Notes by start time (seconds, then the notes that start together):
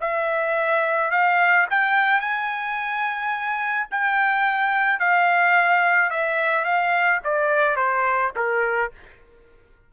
0.00 E5
1.11 F5
1.70 G5
2.20 G#5
3.91 G5
4.99 F5
6.10 E5
6.64 F5
7.24 D5
7.76 C5
8.35 A#4